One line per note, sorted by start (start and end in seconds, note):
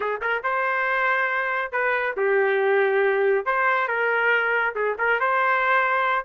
0.00 0.20 G#4
0.21 0.42 A#4
0.43 1.72 C5
1.72 2.15 B4
2.16 3.45 G4
3.45 3.88 C5
3.88 4.74 A#4
4.75 4.96 G#4
4.98 5.19 A#4
5.19 6.25 C5